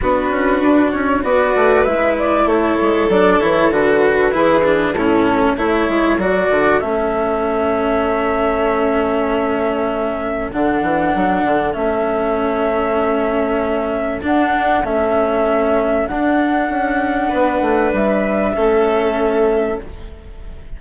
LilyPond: <<
  \new Staff \with { instrumentName = "flute" } { \time 4/4 \tempo 4 = 97 b'4. cis''8 d''4 e''8 d''8 | cis''4 d''8 cis''8 b'2 | a'4 cis''4 d''4 e''4~ | e''1~ |
e''4 fis''2 e''4~ | e''2. fis''4 | e''2 fis''2~ | fis''4 e''2. | }
  \new Staff \with { instrumentName = "violin" } { \time 4/4 fis'2 b'2 | a'2. gis'4 | e'4 a'2.~ | a'1~ |
a'1~ | a'1~ | a'1 | b'2 a'2 | }
  \new Staff \with { instrumentName = "cello" } { \time 4/4 d'2 fis'4 e'4~ | e'4 d'8 e'8 fis'4 e'8 d'8 | cis'4 e'4 fis'4 cis'4~ | cis'1~ |
cis'4 d'2 cis'4~ | cis'2. d'4 | cis'2 d'2~ | d'2 cis'2 | }
  \new Staff \with { instrumentName = "bassoon" } { \time 4/4 b8 cis'8 d'8 cis'8 b8 a8 gis4 | a8 gis8 fis8 e8 d4 e4 | a,4 a8 gis8 fis8 d8 a4~ | a1~ |
a4 d8 e8 fis8 d8 a4~ | a2. d'4 | a2 d'4 cis'4 | b8 a8 g4 a2 | }
>>